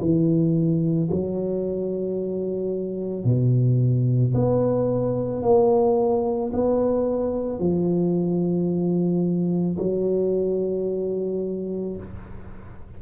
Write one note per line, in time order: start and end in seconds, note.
0.00 1.09 E3
1.11 3.24 F#3
3.24 4.33 B2
4.34 5.42 B3
5.42 6.51 A#3
6.53 7.59 B3
7.59 9.77 F3
9.78 11.96 F#3